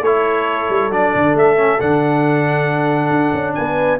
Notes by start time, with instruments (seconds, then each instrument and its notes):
0.00 tuba A3, trombone E4, horn A4, trumpet C#5
0.69 tuba G3
0.90 tuba F#3, trombone D4, trumpet D5
1.15 tuba D3
1.34 tuba A3, trumpet E5
1.57 trombone C#4
1.79 tuba D3, trombone D4, trumpet F#5
3.09 tuba D4
3.33 tuba C#4
3.54 tuba B3, horn B4, trumpet G#5